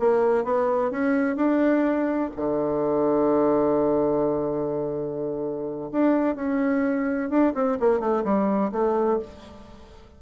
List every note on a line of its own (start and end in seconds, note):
0.00 0.45 A#3
0.45 0.91 B3
0.91 1.37 C#4
1.37 2.31 D4
2.37 5.91 D3
5.92 6.36 D4
6.36 7.30 C#4
7.30 7.54 D4
7.55 7.78 C4
7.80 8.00 A#3
8.00 8.24 A3
8.25 8.72 G3
8.73 9.20 A3